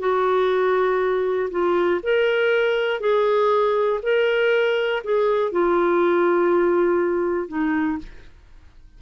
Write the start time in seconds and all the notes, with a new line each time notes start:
0.00 F#4
1.51 F4
2.03 A#4
3.01 G#4
4.03 A#4
5.04 G#4
5.52 F4
7.48 D#4